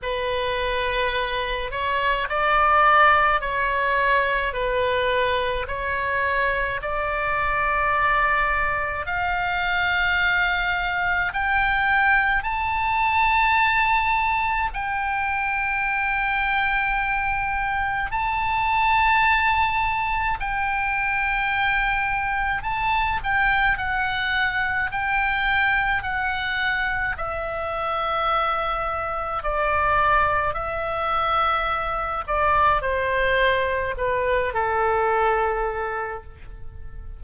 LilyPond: \new Staff \with { instrumentName = "oboe" } { \time 4/4 \tempo 4 = 53 b'4. cis''8 d''4 cis''4 | b'4 cis''4 d''2 | f''2 g''4 a''4~ | a''4 g''2. |
a''2 g''2 | a''8 g''8 fis''4 g''4 fis''4 | e''2 d''4 e''4~ | e''8 d''8 c''4 b'8 a'4. | }